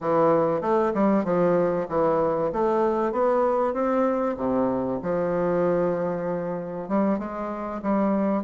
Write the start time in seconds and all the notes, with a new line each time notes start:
0.00 E3
0.61 A3
0.94 G3
1.24 F3
1.89 E3
2.52 A3
3.11 B3
3.73 C4
4.36 C3
5.02 F3
6.88 G3
7.18 G#3
7.82 G3